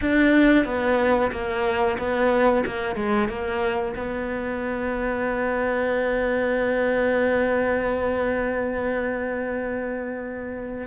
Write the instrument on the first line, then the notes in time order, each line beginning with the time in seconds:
cello
0.01 D4
0.65 B3
1.31 A#3
1.98 B3
2.66 A#3
2.95 G#3
3.28 A#3
3.96 B3